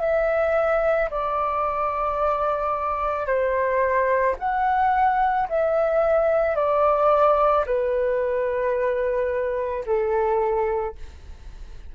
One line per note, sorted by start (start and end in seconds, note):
0.00 1.09 E5
1.11 3.26 D5
3.26 4.35 C5
4.39 5.48 F#5
5.49 6.56 E5
6.56 7.65 D5
7.66 9.84 B4
9.86 10.95 A4